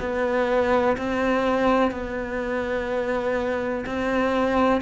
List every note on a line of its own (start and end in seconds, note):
0.00 0.97 B3
0.97 1.91 C4
1.91 3.84 B3
3.86 4.81 C4